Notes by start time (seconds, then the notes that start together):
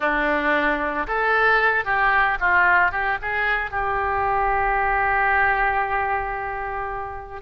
0.00 D4
1.07 A4
1.84 G4
2.40 F4
2.91 G4
3.21 G#4
3.70 G4